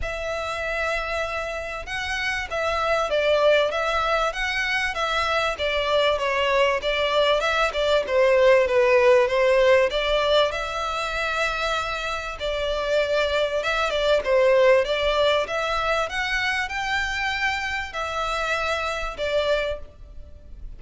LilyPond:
\new Staff \with { instrumentName = "violin" } { \time 4/4 \tempo 4 = 97 e''2. fis''4 | e''4 d''4 e''4 fis''4 | e''4 d''4 cis''4 d''4 | e''8 d''8 c''4 b'4 c''4 |
d''4 e''2. | d''2 e''8 d''8 c''4 | d''4 e''4 fis''4 g''4~ | g''4 e''2 d''4 | }